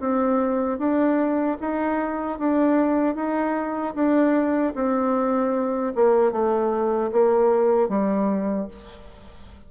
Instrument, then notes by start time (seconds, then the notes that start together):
bassoon
0.00 C4
0.78 D4
1.60 D#4
2.39 D4
3.15 D#4
3.94 D4
4.75 C4
5.95 A#3
6.32 A3
7.12 A#3
7.88 G3